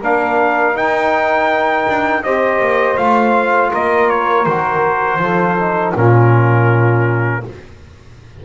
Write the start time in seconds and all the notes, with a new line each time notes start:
0.00 A#3 D4 A#4 F5
0.75 D#4 G5
1.89 D4
2.23 C4 G4 C5 D#5
2.61 A#3
2.98 A3 F4 F5
3.71 A#3 A#4 D#5
4.10 C#5
4.45 D#3 F#4 C5
5.19 F3 F4 A4
5.58 D#4
5.95 A#2 C#4 F4 A#4